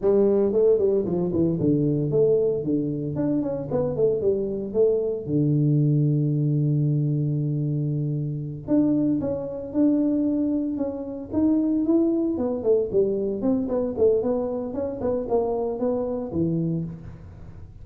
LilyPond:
\new Staff \with { instrumentName = "tuba" } { \time 4/4 \tempo 4 = 114 g4 a8 g8 f8 e8 d4 | a4 d4 d'8 cis'8 b8 a8 | g4 a4 d2~ | d1~ |
d8 d'4 cis'4 d'4.~ | d'8 cis'4 dis'4 e'4 b8 | a8 g4 c'8 b8 a8 b4 | cis'8 b8 ais4 b4 e4 | }